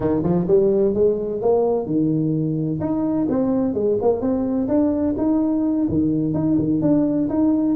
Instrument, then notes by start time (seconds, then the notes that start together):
tuba
0.00 D#3
0.23 F3
0.47 G3
0.94 G#3
1.41 A#3
1.86 D#3
2.80 D#4
3.29 C4
3.74 G#3
4.01 A#3
4.21 C4
4.67 D4
5.17 D#4
5.88 D#3
6.33 D#4
6.58 D#3
6.81 D4
7.29 D#4